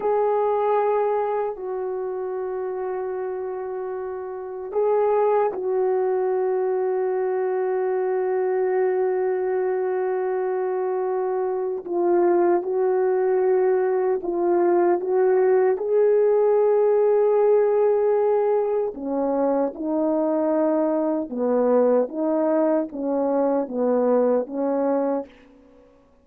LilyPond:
\new Staff \with { instrumentName = "horn" } { \time 4/4 \tempo 4 = 76 gis'2 fis'2~ | fis'2 gis'4 fis'4~ | fis'1~ | fis'2. f'4 |
fis'2 f'4 fis'4 | gis'1 | cis'4 dis'2 b4 | dis'4 cis'4 b4 cis'4 | }